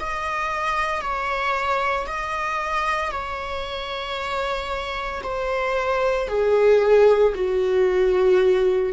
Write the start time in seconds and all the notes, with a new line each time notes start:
0.00 D#5
1.01 C#5
2.07 D#5
3.11 C#5
5.23 C5
6.28 G#4
7.35 F#4